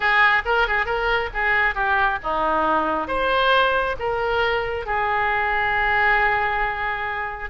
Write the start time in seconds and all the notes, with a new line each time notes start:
0.00 G#4
0.45 A#4
0.67 G#4
0.85 A#4
1.33 G#4
1.74 G4
2.23 D#4
3.07 C5
3.99 A#4
4.85 G#4